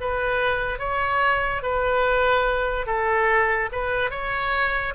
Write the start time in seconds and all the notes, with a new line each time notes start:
0.00 B4
0.79 C#5
1.62 B4
2.86 A4
3.72 B4
4.10 C#5